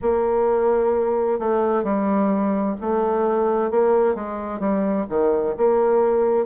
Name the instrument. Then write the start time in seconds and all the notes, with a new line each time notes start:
bassoon
0.01 A#3
1.39 A3
1.83 G3
2.81 A3
3.70 A#3
4.14 G#3
4.59 G3
5.09 D#3
5.57 A#3